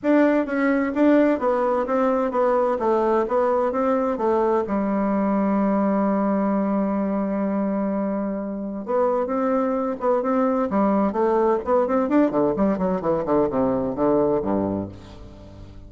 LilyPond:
\new Staff \with { instrumentName = "bassoon" } { \time 4/4 \tempo 4 = 129 d'4 cis'4 d'4 b4 | c'4 b4 a4 b4 | c'4 a4 g2~ | g1~ |
g2. b4 | c'4. b8 c'4 g4 | a4 b8 c'8 d'8 d8 g8 fis8 | e8 d8 c4 d4 g,4 | }